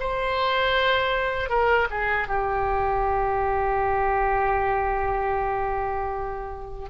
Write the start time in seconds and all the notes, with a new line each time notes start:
0.00 C5
1.50 A#4
1.90 G#4
2.28 G4